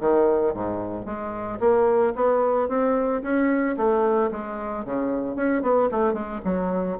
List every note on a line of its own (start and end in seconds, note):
0.00 0.54 D#3
0.54 1.05 G#2
1.05 1.59 G#3
1.60 2.13 A#3
2.15 2.69 B3
2.69 3.22 C4
3.22 3.76 C#4
3.77 4.31 A3
4.31 4.85 G#3
4.85 5.36 C#3
5.36 5.62 C#4
5.62 5.89 B3
5.91 6.13 A3
6.13 6.40 G#3
6.44 6.98 F#3